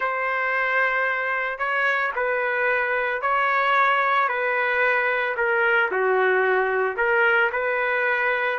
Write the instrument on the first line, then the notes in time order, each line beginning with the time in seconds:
trumpet
0.00 C5
1.58 C#5
2.15 B4
3.21 C#5
4.28 B4
5.36 A#4
5.91 F#4
6.96 A#4
7.52 B4